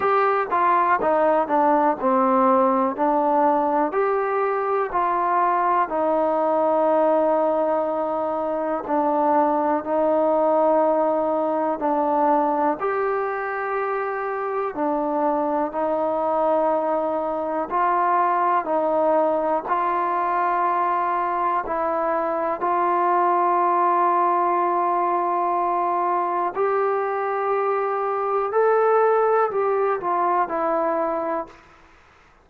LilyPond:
\new Staff \with { instrumentName = "trombone" } { \time 4/4 \tempo 4 = 61 g'8 f'8 dis'8 d'8 c'4 d'4 | g'4 f'4 dis'2~ | dis'4 d'4 dis'2 | d'4 g'2 d'4 |
dis'2 f'4 dis'4 | f'2 e'4 f'4~ | f'2. g'4~ | g'4 a'4 g'8 f'8 e'4 | }